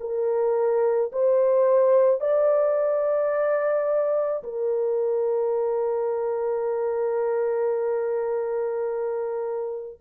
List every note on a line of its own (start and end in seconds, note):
0.00 1.11 A#4
1.12 2.21 C5
2.21 4.43 D5
4.43 9.99 A#4